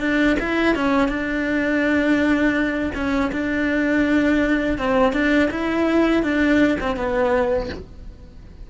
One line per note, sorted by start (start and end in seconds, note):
0.00 0.37 D4
0.40 0.75 E4
0.75 1.09 C#4
1.09 2.92 D4
2.95 3.31 C#4
3.32 4.78 D4
4.78 5.13 C4
5.13 5.49 D4
5.51 6.23 E4
6.23 6.78 D4
6.80 6.96 C4
6.96 7.70 B3